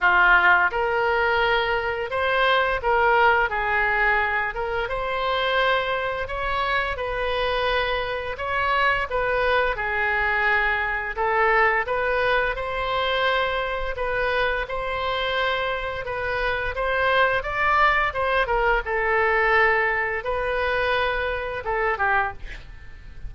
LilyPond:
\new Staff \with { instrumentName = "oboe" } { \time 4/4 \tempo 4 = 86 f'4 ais'2 c''4 | ais'4 gis'4. ais'8 c''4~ | c''4 cis''4 b'2 | cis''4 b'4 gis'2 |
a'4 b'4 c''2 | b'4 c''2 b'4 | c''4 d''4 c''8 ais'8 a'4~ | a'4 b'2 a'8 g'8 | }